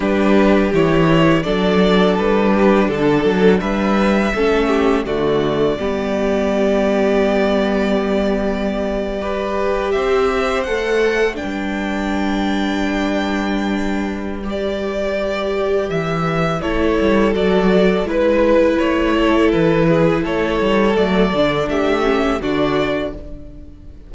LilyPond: <<
  \new Staff \with { instrumentName = "violin" } { \time 4/4 \tempo 4 = 83 b'4 cis''4 d''4 b'4 | a'4 e''2 d''4~ | d''1~ | d''4.~ d''16 e''4 fis''4 g''16~ |
g''1 | d''2 e''4 cis''4 | d''4 b'4 cis''4 b'4 | cis''4 d''4 e''4 d''4 | }
  \new Staff \with { instrumentName = "violin" } { \time 4/4 g'2 a'4. g'8 | a'4 b'4 a'8 g'8 fis'4 | g'1~ | g'8. b'4 c''2 b'16~ |
b'1~ | b'2. a'4~ | a'4 b'4. a'4 gis'8 | a'2 g'4 fis'4 | }
  \new Staff \with { instrumentName = "viola" } { \time 4/4 d'4 e'4 d'2~ | d'2 cis'4 a4 | b1~ | b8. g'2 a'4 d'16~ |
d'1 | g'2. e'4 | fis'4 e'2.~ | e'4 a8 d'4 cis'8 d'4 | }
  \new Staff \with { instrumentName = "cello" } { \time 4/4 g4 e4 fis4 g4 | d8 fis8 g4 a4 d4 | g1~ | g4.~ g16 c'4 a4 g16~ |
g1~ | g2 e4 a8 g8 | fis4 gis4 a4 e4 | a8 g8 fis8 d8 a4 d4 | }
>>